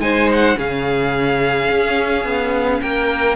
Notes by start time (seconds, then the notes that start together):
0.00 G#3 D#4 C5 G#5
0.33 F#5
0.56 C#3 C#4 G#4 F5
1.69 C#4
2.25 B3
2.82 A#3 A#4 G5